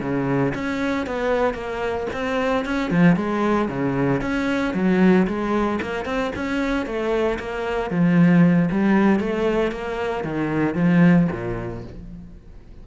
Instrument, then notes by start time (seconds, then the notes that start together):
cello
0.00 C#3
0.54 C#4
1.06 B3
1.54 A#3
2.13 C4
2.65 C#4
2.90 F3
3.16 G#3
3.68 C#3
4.21 C#4
4.74 F#3
5.27 G#3
5.81 A#3
6.05 C4
6.35 C#4
6.85 A3
7.39 A#3
7.90 F3
8.71 G3
9.19 A3
9.71 A#3
10.24 D#3
10.75 F3
11.31 A#2